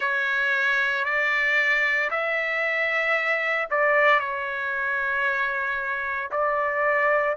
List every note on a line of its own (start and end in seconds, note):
0.00 1.04 C#5
1.04 2.10 D5
2.10 3.68 E5
3.70 4.19 D5
4.19 6.30 C#5
6.31 7.36 D5